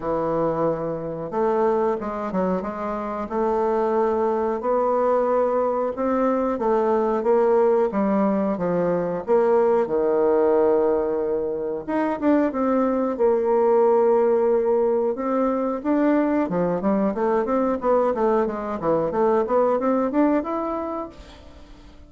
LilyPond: \new Staff \with { instrumentName = "bassoon" } { \time 4/4 \tempo 4 = 91 e2 a4 gis8 fis8 | gis4 a2 b4~ | b4 c'4 a4 ais4 | g4 f4 ais4 dis4~ |
dis2 dis'8 d'8 c'4 | ais2. c'4 | d'4 f8 g8 a8 c'8 b8 a8 | gis8 e8 a8 b8 c'8 d'8 e'4 | }